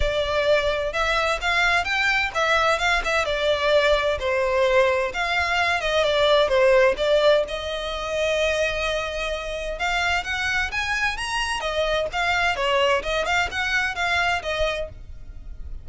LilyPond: \new Staff \with { instrumentName = "violin" } { \time 4/4 \tempo 4 = 129 d''2 e''4 f''4 | g''4 e''4 f''8 e''8 d''4~ | d''4 c''2 f''4~ | f''8 dis''8 d''4 c''4 d''4 |
dis''1~ | dis''4 f''4 fis''4 gis''4 | ais''4 dis''4 f''4 cis''4 | dis''8 f''8 fis''4 f''4 dis''4 | }